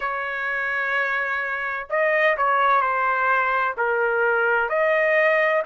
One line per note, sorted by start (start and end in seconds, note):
0.00 1.87 C#5
1.89 2.36 D#5
2.37 2.81 C#5
2.81 3.75 C5
3.77 4.69 A#4
4.69 5.62 D#5